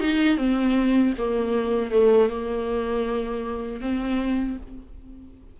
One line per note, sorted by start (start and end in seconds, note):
0.00 0.37 D#4
0.37 1.13 C4
1.18 1.91 A#3
1.91 2.29 A3
2.29 3.81 A#3
3.81 4.57 C4